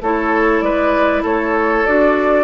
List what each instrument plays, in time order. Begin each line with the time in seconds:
0.00 bassoon A3, clarinet E4, oboe A4, flute C#5
0.60 bassoon G#3, oboe B4, flute D5
1.22 bassoon A3, oboe A4, flute C#5
1.86 bassoon D4, clarinet F#4, flute D5